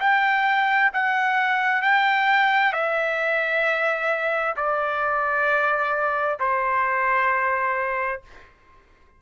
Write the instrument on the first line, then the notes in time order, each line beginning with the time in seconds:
trumpet
0.00 G5
0.93 F#5
1.82 G5
2.73 E5
4.56 D5
6.40 C5